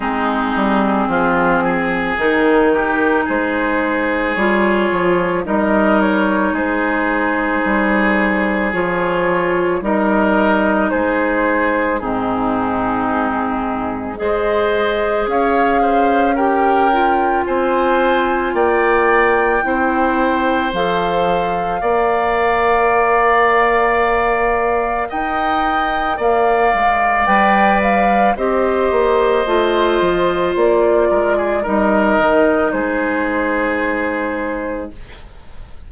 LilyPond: <<
  \new Staff \with { instrumentName = "flute" } { \time 4/4 \tempo 4 = 55 gis'2 ais'4 c''4 | cis''4 dis''8 cis''8 c''2 | cis''4 dis''4 c''4 gis'4~ | gis'4 dis''4 f''4 g''4 |
gis''4 g''2 f''4~ | f''2. g''4 | f''4 g''8 f''8 dis''2 | d''4 dis''4 c''2 | }
  \new Staff \with { instrumentName = "oboe" } { \time 4/4 dis'4 f'8 gis'4 g'8 gis'4~ | gis'4 ais'4 gis'2~ | gis'4 ais'4 gis'4 dis'4~ | dis'4 c''4 cis''8 c''8 ais'4 |
c''4 d''4 c''2 | d''2. dis''4 | d''2 c''2~ | c''8 ais'16 gis'16 ais'4 gis'2 | }
  \new Staff \with { instrumentName = "clarinet" } { \time 4/4 c'2 dis'2 | f'4 dis'2. | f'4 dis'2 c'4~ | c'4 gis'2 g'8 f'8~ |
f'2 e'4 a'4 | ais'1~ | ais'4 b'4 g'4 f'4~ | f'4 dis'2. | }
  \new Staff \with { instrumentName = "bassoon" } { \time 4/4 gis8 g8 f4 dis4 gis4 | g8 f8 g4 gis4 g4 | f4 g4 gis4 gis,4~ | gis,4 gis4 cis'2 |
c'4 ais4 c'4 f4 | ais2. dis'4 | ais8 gis8 g4 c'8 ais8 a8 f8 | ais8 gis8 g8 dis8 gis2 | }
>>